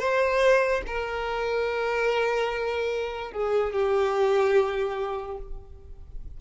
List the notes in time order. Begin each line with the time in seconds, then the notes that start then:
0.00 C5
0.88 A#4
3.33 G#4
3.74 G4